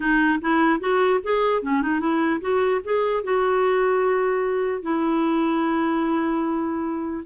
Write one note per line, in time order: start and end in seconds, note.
0.00 0.39 D#4
0.41 0.79 E4
0.79 1.20 F#4
1.23 1.62 G#4
1.62 1.82 C#4
1.82 2.00 D#4
2.00 2.40 E4
2.41 2.81 F#4
2.84 3.23 G#4
3.23 4.82 F#4
4.82 7.24 E4